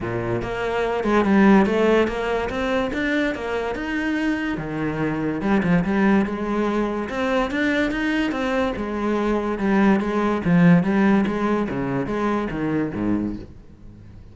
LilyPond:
\new Staff \with { instrumentName = "cello" } { \time 4/4 \tempo 4 = 144 ais,4 ais4. gis8 g4 | a4 ais4 c'4 d'4 | ais4 dis'2 dis4~ | dis4 g8 f8 g4 gis4~ |
gis4 c'4 d'4 dis'4 | c'4 gis2 g4 | gis4 f4 g4 gis4 | cis4 gis4 dis4 gis,4 | }